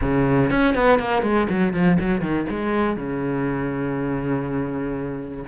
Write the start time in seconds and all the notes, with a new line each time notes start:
0.01 C#3
0.50 C#4
0.74 B3
0.99 A#3
1.22 G#3
1.49 F#3
1.73 F3
2.00 F#3
2.21 D#3
2.49 G#3
2.96 C#3